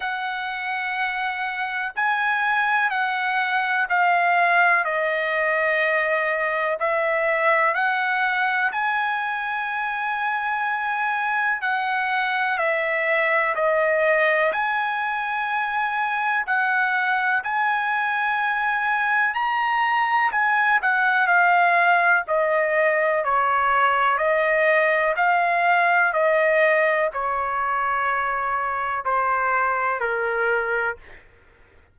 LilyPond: \new Staff \with { instrumentName = "trumpet" } { \time 4/4 \tempo 4 = 62 fis''2 gis''4 fis''4 | f''4 dis''2 e''4 | fis''4 gis''2. | fis''4 e''4 dis''4 gis''4~ |
gis''4 fis''4 gis''2 | ais''4 gis''8 fis''8 f''4 dis''4 | cis''4 dis''4 f''4 dis''4 | cis''2 c''4 ais'4 | }